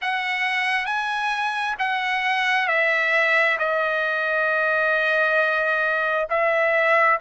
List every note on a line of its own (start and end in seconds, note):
0.01 0.85 F#5
0.85 1.75 G#5
1.79 2.67 F#5
2.67 3.57 E5
3.59 6.27 D#5
6.29 7.19 E5